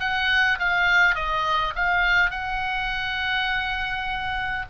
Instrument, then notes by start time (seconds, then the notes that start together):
oboe
0.00 F#5
0.59 F5
1.15 D#5
1.75 F5
2.30 F#5